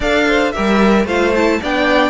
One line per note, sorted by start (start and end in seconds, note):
0.00 0.53 D4
0.00 0.53 A4
0.00 0.24 D5
0.00 0.52 F5
0.27 0.54 C5
0.52 1.07 G4
0.52 1.05 A#4
0.52 1.05 E5
0.58 1.05 G3
1.05 1.58 A3
1.05 1.34 F4
1.05 1.59 C5
1.05 1.34 F5
1.34 1.62 E4
1.34 1.61 A5
1.61 2.10 B3
1.61 2.10 D4
1.61 2.10 D5
1.61 2.10 G5